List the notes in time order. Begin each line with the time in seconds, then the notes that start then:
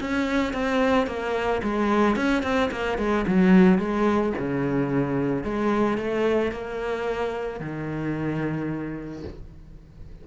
0.00 C#4
0.53 C4
1.07 A#3
1.63 G#3
2.16 C#4
2.42 C4
2.71 A#3
2.98 G#3
3.27 F#3
3.78 G#3
4.38 C#3
5.43 G#3
5.98 A3
6.51 A#3
7.60 D#3